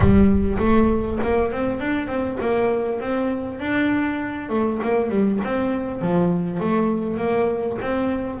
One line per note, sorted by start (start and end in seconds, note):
0.00 0.57 G3
0.58 1.18 A3
1.22 1.52 A#3
1.52 1.79 C4
1.79 2.07 D4
2.07 2.37 C4
2.40 3.00 A#3
3.00 3.59 C4
3.59 4.49 D4
4.49 4.79 A3
4.82 5.09 A#3
5.09 5.39 G3
5.44 6.01 C4
6.01 6.60 F3
6.60 7.17 A3
7.17 7.77 A#3
7.81 8.40 C4